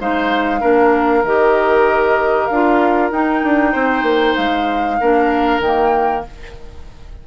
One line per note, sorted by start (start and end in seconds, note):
0.00 0.62 G#3
0.00 0.61 D#4
0.00 0.61 C5
0.00 1.26 F5
0.61 1.25 A#3
0.61 1.24 D4
0.61 3.72 A#4
1.25 2.50 D#3
1.25 2.52 G4
1.25 2.47 D#5
2.47 3.12 D4
2.47 3.09 F5
2.53 3.13 F4
3.12 3.43 D#4
3.12 5.00 D#4
3.12 4.36 G5
3.44 3.75 D4
3.72 4.03 C4
3.72 4.97 C5
4.03 4.34 A#3
4.36 5.00 G#3
4.36 5.61 F5
5.01 5.60 A#3
5.01 5.64 D4
5.01 6.26 A#4
5.60 6.23 D#3
5.60 6.27 A#3
5.60 6.25 G5